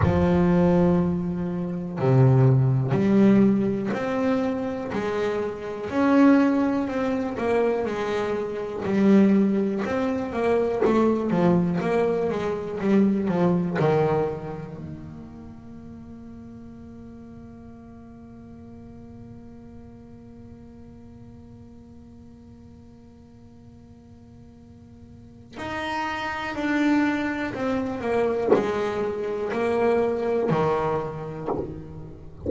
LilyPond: \new Staff \with { instrumentName = "double bass" } { \time 4/4 \tempo 4 = 61 f2 c4 g4 | c'4 gis4 cis'4 c'8 ais8 | gis4 g4 c'8 ais8 a8 f8 | ais8 gis8 g8 f8 dis4 ais4~ |
ais1~ | ais1~ | ais2 dis'4 d'4 | c'8 ais8 gis4 ais4 dis4 | }